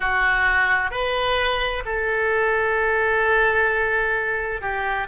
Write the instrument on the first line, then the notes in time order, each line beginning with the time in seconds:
oboe
0.00 F#4
0.91 B4
1.85 A4
4.61 G4